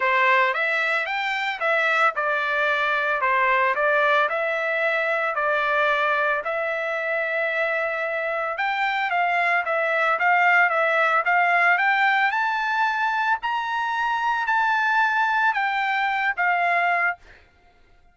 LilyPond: \new Staff \with { instrumentName = "trumpet" } { \time 4/4 \tempo 4 = 112 c''4 e''4 g''4 e''4 | d''2 c''4 d''4 | e''2 d''2 | e''1 |
g''4 f''4 e''4 f''4 | e''4 f''4 g''4 a''4~ | a''4 ais''2 a''4~ | a''4 g''4. f''4. | }